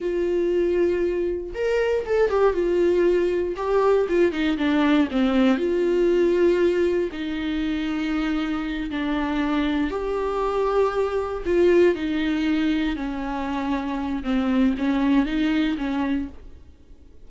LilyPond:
\new Staff \with { instrumentName = "viola" } { \time 4/4 \tempo 4 = 118 f'2. ais'4 | a'8 g'8 f'2 g'4 | f'8 dis'8 d'4 c'4 f'4~ | f'2 dis'2~ |
dis'4. d'2 g'8~ | g'2~ g'8 f'4 dis'8~ | dis'4. cis'2~ cis'8 | c'4 cis'4 dis'4 cis'4 | }